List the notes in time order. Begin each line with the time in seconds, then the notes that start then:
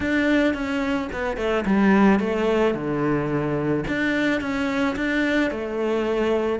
0.00 D4
0.54 C#4
1.12 B3
1.37 A3
1.65 G3
2.19 A3
2.74 D3
3.87 D4
4.40 C#4
4.96 D4
5.50 A3